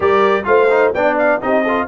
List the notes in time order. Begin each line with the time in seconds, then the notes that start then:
0.00 G3 G4 A#4 D5
0.44 A3 F4 C5 F5
0.70 D#4
0.93 B3 D4 D5 G5
1.18 F5
1.41 C4 D#4 G4 D#5
1.63 F4 A4